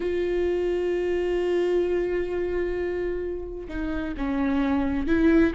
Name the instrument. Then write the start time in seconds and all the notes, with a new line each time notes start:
viola
0.00 F4
3.68 D#4
4.17 C#4
5.07 E4